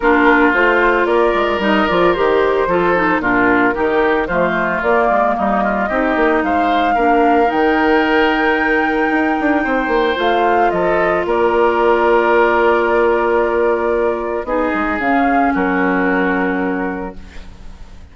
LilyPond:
<<
  \new Staff \with { instrumentName = "flute" } { \time 4/4 \tempo 4 = 112 ais'4 c''4 d''4 dis''8 d''8 | c''2 ais'2 | c''4 d''4 dis''2 | f''2 g''2~ |
g''2. f''4 | dis''4 d''2.~ | d''2. dis''4 | f''4 ais'2. | }
  \new Staff \with { instrumentName = "oboe" } { \time 4/4 f'2 ais'2~ | ais'4 a'4 f'4 g'4 | f'2 dis'8 f'8 g'4 | c''4 ais'2.~ |
ais'2 c''2 | a'4 ais'2.~ | ais'2. gis'4~ | gis'4 fis'2. | }
  \new Staff \with { instrumentName = "clarinet" } { \time 4/4 d'4 f'2 dis'8 f'8 | g'4 f'8 dis'8 d'4 dis'4 | a4 ais2 dis'4~ | dis'4 d'4 dis'2~ |
dis'2. f'4~ | f'1~ | f'2. dis'4 | cis'1 | }
  \new Staff \with { instrumentName = "bassoon" } { \time 4/4 ais4 a4 ais8 gis8 g8 f8 | dis4 f4 ais,4 dis4 | f4 ais8 gis8 g4 c'8 ais8 | gis4 ais4 dis2~ |
dis4 dis'8 d'8 c'8 ais8 a4 | f4 ais2.~ | ais2. b8 gis8 | cis4 fis2. | }
>>